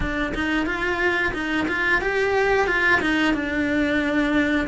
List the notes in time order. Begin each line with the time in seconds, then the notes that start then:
0.00 D4
0.34 D#4
0.65 F4
1.33 D#4
1.68 F4
2.01 G4
2.67 F4
3.01 D#4
3.34 D4